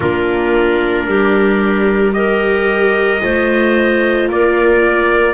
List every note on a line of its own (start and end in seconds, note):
0.00 1.06 A#3
0.00 2.12 D4
0.00 1.06 F4
0.00 2.13 A#4
1.06 3.20 G3
1.06 2.14 G4
2.12 3.19 G4
2.12 3.22 A#4
2.12 4.27 D#5
3.20 4.28 A3
3.20 5.34 F4
3.20 4.29 C5
4.28 5.34 A#3
4.28 5.34 A#4
4.28 5.34 D5